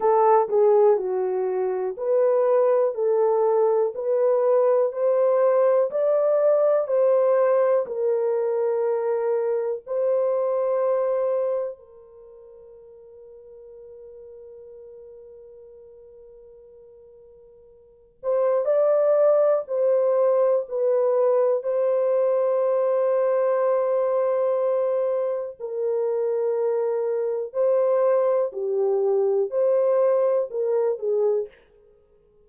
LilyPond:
\new Staff \with { instrumentName = "horn" } { \time 4/4 \tempo 4 = 61 a'8 gis'8 fis'4 b'4 a'4 | b'4 c''4 d''4 c''4 | ais'2 c''2 | ais'1~ |
ais'2~ ais'8 c''8 d''4 | c''4 b'4 c''2~ | c''2 ais'2 | c''4 g'4 c''4 ais'8 gis'8 | }